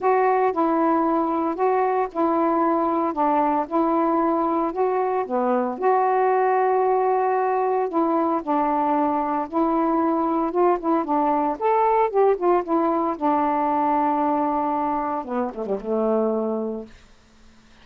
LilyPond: \new Staff \with { instrumentName = "saxophone" } { \time 4/4 \tempo 4 = 114 fis'4 e'2 fis'4 | e'2 d'4 e'4~ | e'4 fis'4 b4 fis'4~ | fis'2. e'4 |
d'2 e'2 | f'8 e'8 d'4 a'4 g'8 f'8 | e'4 d'2.~ | d'4 b8 a16 g16 a2 | }